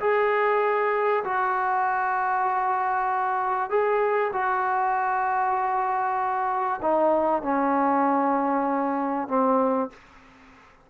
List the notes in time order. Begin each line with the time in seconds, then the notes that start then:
0.00 G#4
1.24 F#4
3.70 G#4
4.33 F#4
6.82 D#4
7.42 C#4
9.28 C4